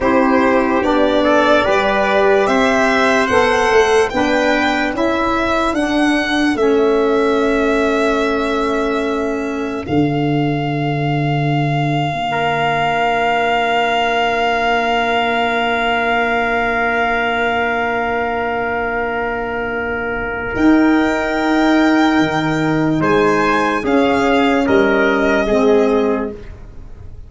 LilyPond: <<
  \new Staff \with { instrumentName = "violin" } { \time 4/4 \tempo 4 = 73 c''4 d''2 e''4 | fis''4 g''4 e''4 fis''4 | e''1 | f''1~ |
f''1~ | f''1~ | f''4 g''2. | gis''4 f''4 dis''2 | }
  \new Staff \with { instrumentName = "trumpet" } { \time 4/4 g'4. a'8 b'4 c''4~ | c''4 b'4 a'2~ | a'1~ | a'2. ais'4~ |
ais'1~ | ais'1~ | ais'1 | c''4 gis'4 ais'4 gis'4 | }
  \new Staff \with { instrumentName = "saxophone" } { \time 4/4 e'4 d'4 g'2 | a'4 d'4 e'4 d'4 | cis'1 | d'1~ |
d'1~ | d'1~ | d'4 dis'2.~ | dis'4 cis'2 c'4 | }
  \new Staff \with { instrumentName = "tuba" } { \time 4/4 c'4 b4 g4 c'4 | b8 a8 b4 cis'4 d'4 | a1 | d2~ d8. ais4~ ais16~ |
ais1~ | ais1~ | ais4 dis'2 dis4 | gis4 cis'4 g4 gis4 | }
>>